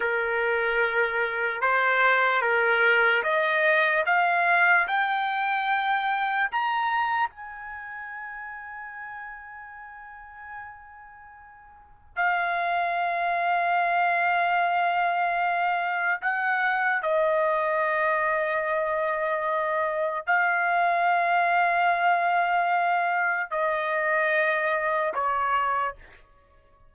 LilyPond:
\new Staff \with { instrumentName = "trumpet" } { \time 4/4 \tempo 4 = 74 ais'2 c''4 ais'4 | dis''4 f''4 g''2 | ais''4 gis''2.~ | gis''2. f''4~ |
f''1 | fis''4 dis''2.~ | dis''4 f''2.~ | f''4 dis''2 cis''4 | }